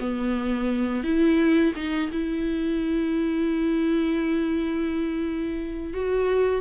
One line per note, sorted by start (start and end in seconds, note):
0.00 1.03 B3
1.03 1.73 E4
1.76 2.11 D#4
2.12 5.94 E4
5.94 6.61 F#4